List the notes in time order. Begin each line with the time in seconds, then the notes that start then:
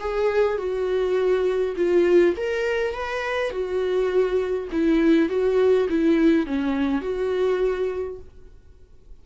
0.00 G#4
0.58 F#4
1.76 F4
2.37 A#4
2.94 B4
3.51 F#4
4.72 E4
5.29 F#4
5.89 E4
6.46 C#4
7.02 F#4